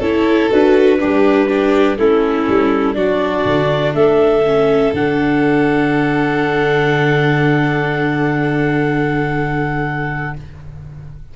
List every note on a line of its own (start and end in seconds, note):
0.00 0.50 C#4
0.00 0.50 E4
0.00 0.98 A4
0.00 0.50 C#5
0.50 1.02 D4
0.50 0.99 F#4
0.50 1.98 B4
1.00 1.99 G3
1.00 1.49 D4
1.00 1.48 G4
1.48 1.97 D4
1.48 1.98 G4
1.98 2.48 A3
1.98 2.95 C#4
1.98 2.97 E4
1.98 2.95 A4
2.48 2.96 G3
2.95 3.45 F#3
2.95 4.42 D4
2.95 3.95 F#4
2.95 3.93 D5
3.46 3.94 D3
3.94 4.93 A3
3.94 10.35 A4
3.94 4.93 E5
4.47 4.95 C#4
4.94 10.35 D3
4.94 10.36 D4
4.94 10.36 F#5